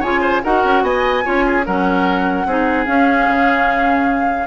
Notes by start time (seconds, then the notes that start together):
0.00 C#3 F4 C#5 G#5
0.21 C5
0.43 D#4 F#4 A#4 F#5
0.64 C#4
0.82 B3 D#5 G#5
1.24 C#4 F4 C#5
1.46 G#4
1.66 F#3 C#4 A#4 F#5
2.46 C4 D#4 G#4
2.86 C#4 F5
3.28 C#3